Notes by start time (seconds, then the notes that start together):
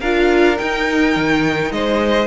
0.00 D4 F4 A#4 F5
0.57 D#4 G5
1.16 D#3
1.71 G#3 C5 D#5